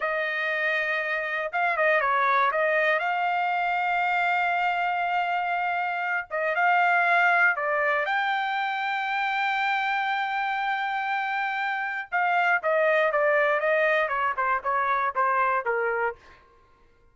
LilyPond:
\new Staff \with { instrumentName = "trumpet" } { \time 4/4 \tempo 4 = 119 dis''2. f''8 dis''8 | cis''4 dis''4 f''2~ | f''1~ | f''8 dis''8 f''2 d''4 |
g''1~ | g''1 | f''4 dis''4 d''4 dis''4 | cis''8 c''8 cis''4 c''4 ais'4 | }